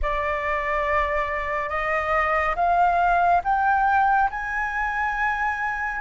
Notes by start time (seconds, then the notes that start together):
0.02 D5
1.69 D#5
2.55 F5
3.44 G5
4.30 G#5